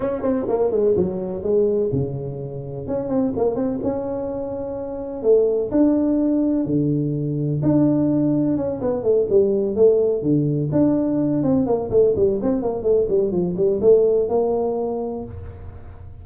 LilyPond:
\new Staff \with { instrumentName = "tuba" } { \time 4/4 \tempo 4 = 126 cis'8 c'8 ais8 gis8 fis4 gis4 | cis2 cis'8 c'8 ais8 c'8 | cis'2. a4 | d'2 d2 |
d'2 cis'8 b8 a8 g8~ | g8 a4 d4 d'4. | c'8 ais8 a8 g8 c'8 ais8 a8 g8 | f8 g8 a4 ais2 | }